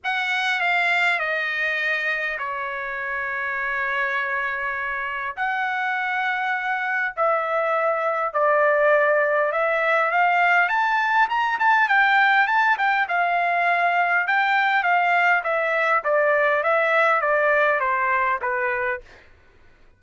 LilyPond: \new Staff \with { instrumentName = "trumpet" } { \time 4/4 \tempo 4 = 101 fis''4 f''4 dis''2 | cis''1~ | cis''4 fis''2. | e''2 d''2 |
e''4 f''4 a''4 ais''8 a''8 | g''4 a''8 g''8 f''2 | g''4 f''4 e''4 d''4 | e''4 d''4 c''4 b'4 | }